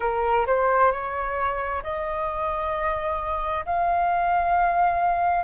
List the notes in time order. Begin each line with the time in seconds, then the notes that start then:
0.00 A#4
0.46 C5
0.91 C#5
1.83 D#5
3.65 F5